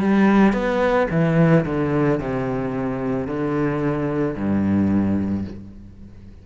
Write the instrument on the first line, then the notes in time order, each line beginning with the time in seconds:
cello
0.00 G3
0.53 B3
1.10 E3
1.65 D3
2.19 C3
3.27 D3
4.35 G2